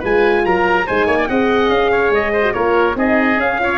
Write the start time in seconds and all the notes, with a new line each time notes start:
0.00 G#3 F4 B4 G#5
0.45 F#3 A#4 A#5
0.87 G#3 D#4 C5 G#5
1.07 A#3 C#5
1.18 D5
1.29 C4 G#4 D#5 F#5
1.70 C#4 F5
1.92 C#5
2.11 G#3 D#5
2.33 C5
2.43 F#4
2.54 A#3 F4 A#4 C#5
2.96 C4 D#4 G#4 D#5
3.37 C#4 F5
3.60 F4 C#5